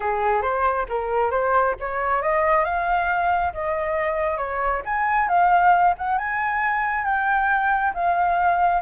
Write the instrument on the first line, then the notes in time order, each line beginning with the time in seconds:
flute
0.00 G#4
0.42 C5
0.88 A#4
1.31 C5
1.79 C#5
2.22 D#5
2.64 F5
3.53 D#5
4.37 C#5
4.85 G#5
5.28 F5
5.97 F#5
6.17 G#5
7.05 G5
7.94 F5